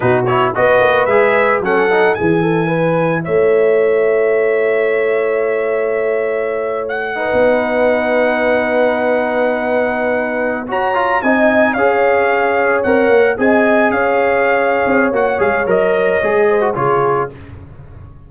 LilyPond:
<<
  \new Staff \with { instrumentName = "trumpet" } { \time 4/4 \tempo 4 = 111 b'8 cis''8 dis''4 e''4 fis''4 | gis''2 e''2~ | e''1~ | e''8. fis''2.~ fis''16~ |
fis''2.~ fis''8. ais''16~ | ais''8. gis''4 f''2 fis''16~ | fis''8. gis''4 f''2~ f''16 | fis''8 f''8 dis''2 cis''4 | }
  \new Staff \with { instrumentName = "horn" } { \time 4/4 fis'4 b'2 a'4 | gis'8 a'8 b'4 cis''2~ | cis''1~ | cis''4~ cis''16 b'2~ b'8.~ |
b'2.~ b'8. cis''16~ | cis''8. dis''4 cis''2~ cis''16~ | cis''8. dis''4 cis''2~ cis''16~ | cis''2~ cis''8 c''8 gis'4 | }
  \new Staff \with { instrumentName = "trombone" } { \time 4/4 dis'8 e'8 fis'4 gis'4 cis'8 dis'8 | e'1~ | e'1~ | e'4~ e'16 dis'2~ dis'8.~ |
dis'2.~ dis'8. fis'16~ | fis'16 f'8 dis'4 gis'2 ais'16~ | ais'8. gis'2.~ gis'16 | fis'8 gis'8 ais'4 gis'8. fis'16 f'4 | }
  \new Staff \with { instrumentName = "tuba" } { \time 4/4 b,4 b8 ais8 gis4 fis4 | e2 a2~ | a1~ | a4. b2~ b8~ |
b2.~ b8. fis'16~ | fis'8. c'4 cis'2 c'16~ | c'16 ais8 c'4 cis'4.~ cis'16 c'8 | ais8 gis8 fis4 gis4 cis4 | }
>>